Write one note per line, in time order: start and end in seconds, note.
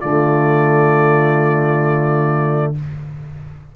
0.00 2.75 D3
0.00 2.75 A3
0.00 2.73 F4
0.00 2.73 D5